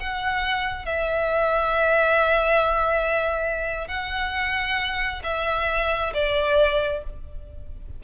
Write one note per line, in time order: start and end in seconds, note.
0.00 0.85 F#5
0.85 3.88 E5
3.88 5.22 F#5
5.23 6.13 E5
6.14 7.03 D5